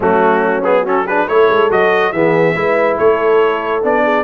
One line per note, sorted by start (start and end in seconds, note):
0.00 1.28 F#3
0.00 0.62 A3
0.00 0.82 C#4
0.00 0.63 F#4
0.63 0.85 B3
0.63 0.84 G#4
0.82 1.06 C#4
0.82 1.03 F#4
0.82 1.07 A4
1.05 1.28 D4
1.05 1.26 G#4
1.05 1.28 B4
1.28 1.49 A3
1.28 1.70 E4
1.28 2.13 A4
1.28 1.70 C#5
1.49 1.70 G#3
1.70 2.13 F#3
1.70 2.13 F#4
1.70 2.12 D#5
2.12 2.55 E3
2.12 2.55 B3
2.12 2.56 G#4
2.12 2.97 E5
2.55 2.97 G#3
2.55 3.82 E4
2.55 2.98 B4
2.98 3.83 A3
2.98 4.04 A4
2.98 3.83 C#5
3.82 4.24 B3
3.82 4.24 D4
3.82 4.24 D5
4.04 4.24 G#4